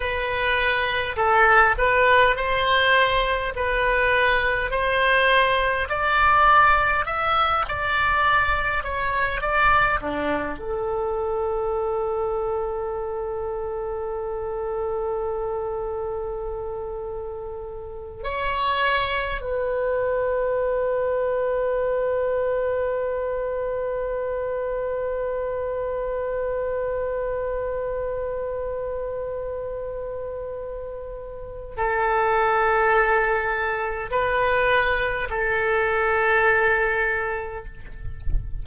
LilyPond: \new Staff \with { instrumentName = "oboe" } { \time 4/4 \tempo 4 = 51 b'4 a'8 b'8 c''4 b'4 | c''4 d''4 e''8 d''4 cis''8 | d''8 d'8 a'2.~ | a'2.~ a'8 cis''8~ |
cis''8 b'2.~ b'8~ | b'1~ | b'2. a'4~ | a'4 b'4 a'2 | }